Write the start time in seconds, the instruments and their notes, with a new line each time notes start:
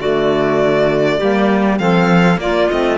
0.00 cello D3, saxophone A3, clarinet F#4, violin D5
1.18 cello G3, saxophone A#3, clarinet G4
1.79 cello F3, saxophone C4, clarinet A4, violin F5
2.38 cello A#3, saxophone A#3, clarinet F4, violin D5
2.71 cello A3, saxophone C4, violin D#5